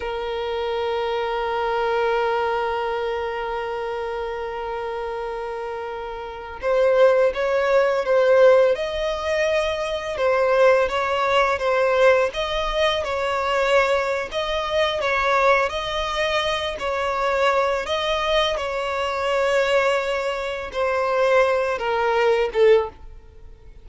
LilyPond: \new Staff \with { instrumentName = "violin" } { \time 4/4 \tempo 4 = 84 ais'1~ | ais'1~ | ais'4~ ais'16 c''4 cis''4 c''8.~ | c''16 dis''2 c''4 cis''8.~ |
cis''16 c''4 dis''4 cis''4.~ cis''16 | dis''4 cis''4 dis''4. cis''8~ | cis''4 dis''4 cis''2~ | cis''4 c''4. ais'4 a'8 | }